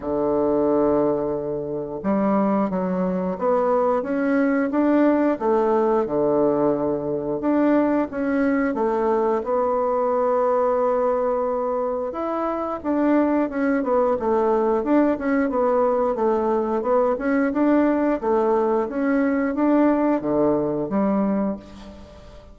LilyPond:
\new Staff \with { instrumentName = "bassoon" } { \time 4/4 \tempo 4 = 89 d2. g4 | fis4 b4 cis'4 d'4 | a4 d2 d'4 | cis'4 a4 b2~ |
b2 e'4 d'4 | cis'8 b8 a4 d'8 cis'8 b4 | a4 b8 cis'8 d'4 a4 | cis'4 d'4 d4 g4 | }